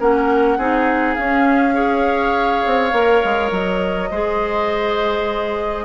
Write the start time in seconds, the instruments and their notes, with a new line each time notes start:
0.00 bassoon A#3, clarinet C#4, oboe A#4, flute F#5
0.58 bassoon C4, clarinet D#4, oboe G#4
1.15 bassoon C#4, clarinet C#4, flute F5
1.74 clarinet G#4, oboe C#5
2.66 bassoon C4
2.92 bassoon A#3, clarinet A#4
3.24 bassoon G#3
3.51 bassoon F#3, flute D#5
4.11 bassoon G#3, clarinet G#4, oboe C5